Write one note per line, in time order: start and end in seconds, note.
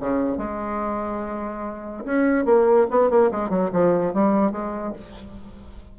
0.00 0.37 C#3
0.37 2.04 G#3
2.05 2.45 C#4
2.45 2.87 A#3
2.91 3.10 B3
3.10 3.31 A#3
3.31 3.50 G#3
3.50 3.70 F#3
3.72 4.14 F3
4.14 4.52 G3
4.52 4.93 G#3